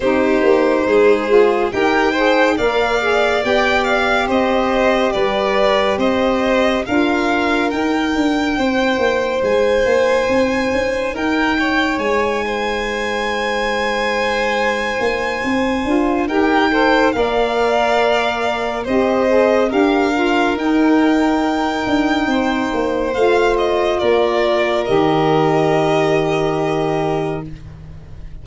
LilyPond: <<
  \new Staff \with { instrumentName = "violin" } { \time 4/4 \tempo 4 = 70 c''2 g''4 f''4 | g''8 f''8 dis''4 d''4 dis''4 | f''4 g''2 gis''4~ | gis''4 g''4 gis''2~ |
gis''2. g''4 | f''2 dis''4 f''4 | g''2. f''8 dis''8 | d''4 dis''2. | }
  \new Staff \with { instrumentName = "violin" } { \time 4/4 g'4 gis'4 ais'8 c''8 d''4~ | d''4 c''4 b'4 c''4 | ais'2 c''2~ | c''4 ais'8 cis''4 c''4.~ |
c''2. ais'8 c''8 | d''2 c''4 ais'4~ | ais'2 c''2 | ais'1 | }
  \new Staff \with { instrumentName = "saxophone" } { \time 4/4 dis'4. f'8 g'8 gis'8 ais'8 gis'8 | g'1 | f'4 dis'2.~ | dis'1~ |
dis'2~ dis'8 f'8 g'8 a'8 | ais'2 g'8 gis'8 g'8 f'8 | dis'2. f'4~ | f'4 g'2. | }
  \new Staff \with { instrumentName = "tuba" } { \time 4/4 c'8 ais8 gis4 dis'4 ais4 | b4 c'4 g4 c'4 | d'4 dis'8 d'8 c'8 ais8 gis8 ais8 | c'8 cis'8 dis'4 gis2~ |
gis4. ais8 c'8 d'8 dis'4 | ais2 c'4 d'4 | dis'4. d'8 c'8 ais8 a4 | ais4 dis2. | }
>>